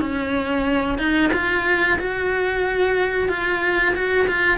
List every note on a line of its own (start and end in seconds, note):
0.00 0.98 C#4
0.98 1.30 D#4
1.33 1.98 F4
1.99 3.28 F#4
3.28 3.93 F4
3.94 4.27 F#4
4.27 4.57 F4